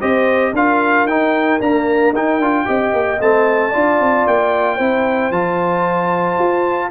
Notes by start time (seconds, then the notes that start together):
0.00 C4 G4 C5 D#5
0.53 D4 F4 A#4 F5
1.05 D#4 G5
1.61 A#3 D4 A#5
2.13 D#4 G5
2.39 D4 F4
2.65 C4 G4 D#5
2.93 A#3
3.20 A3 C4 A5
3.70 D4 F4 D5
4.00 C4
4.27 A#3 G5
4.76 C4 E4 C5
5.31 F3 F4 A5
6.39 F4